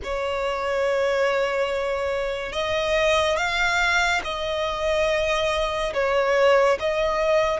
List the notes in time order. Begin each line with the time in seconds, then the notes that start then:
0.03 C#5
2.52 D#5
3.36 F5
4.24 D#5
5.93 C#5
6.79 D#5